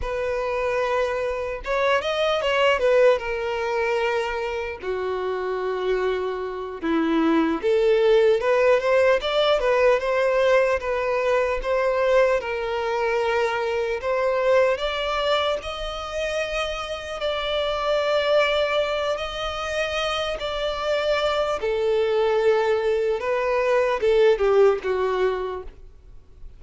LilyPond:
\new Staff \with { instrumentName = "violin" } { \time 4/4 \tempo 4 = 75 b'2 cis''8 dis''8 cis''8 b'8 | ais'2 fis'2~ | fis'8 e'4 a'4 b'8 c''8 d''8 | b'8 c''4 b'4 c''4 ais'8~ |
ais'4. c''4 d''4 dis''8~ | dis''4. d''2~ d''8 | dis''4. d''4. a'4~ | a'4 b'4 a'8 g'8 fis'4 | }